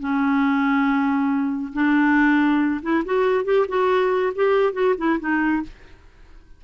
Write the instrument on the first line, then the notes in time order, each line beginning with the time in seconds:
clarinet
0.00 C#4
1.73 D4
2.82 E4
3.05 F#4
3.45 G4
3.68 F#4
4.35 G4
4.73 F#4
4.98 E4
5.20 D#4